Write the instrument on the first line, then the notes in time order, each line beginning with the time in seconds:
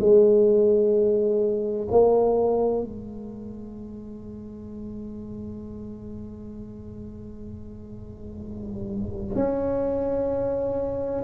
tuba
0.00 G#3
1.91 A#3
2.84 G#3
9.36 C#4